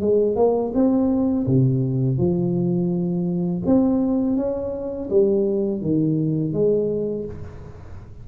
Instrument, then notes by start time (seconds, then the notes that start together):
tuba
0.00 G#3
0.35 A#3
0.74 C4
1.46 C3
2.17 F3
3.65 C4
4.36 C#4
5.09 G3
5.81 D#3
6.52 G#3